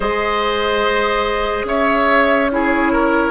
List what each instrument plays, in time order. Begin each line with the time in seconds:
0.00 bassoon G#3, clarinet G#4, oboe C5, flute D#5
1.64 bassoon C#4, oboe C#5, flute E5
2.51 clarinet E4, oboe G#4, flute C#5
2.92 oboe A#4